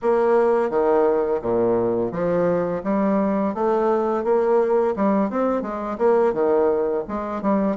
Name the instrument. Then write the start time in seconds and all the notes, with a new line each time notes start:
bassoon
0.02 A#3
0.70 D#3
1.41 A#2
2.11 F3
2.83 G3
3.54 A3
4.24 A#3
4.96 G3
5.30 C4
5.62 G#3
5.97 A#3
6.33 D#3
7.08 G#3
7.42 G3